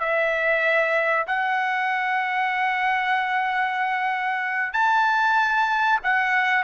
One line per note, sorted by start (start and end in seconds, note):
0.00 1.26 E5
1.27 4.73 F#5
4.73 5.99 A5
6.03 6.64 F#5